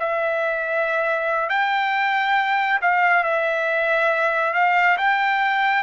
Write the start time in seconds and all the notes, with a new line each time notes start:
0.00 E5
1.49 G5
2.81 F5
3.24 E5
4.54 F5
4.98 G5